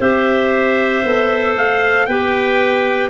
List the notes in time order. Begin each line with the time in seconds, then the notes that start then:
0.00 C4 G4 C5 E5
1.04 B3 A4
1.56 A3 F5
2.06 B3 G4 B4 G5